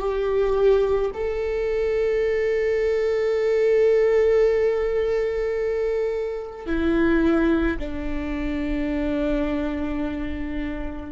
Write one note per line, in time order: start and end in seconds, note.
0.00 1.11 G4
1.14 6.66 A4
6.66 7.77 E4
7.79 11.12 D4